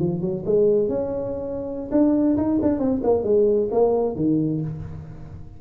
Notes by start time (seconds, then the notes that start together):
0.00 F3
0.21 F#3
0.46 G#3
0.89 C#4
1.92 D4
2.37 D#4
2.62 D4
2.79 C4
3.04 A#3
3.24 G#3
3.72 A#3
4.16 D#3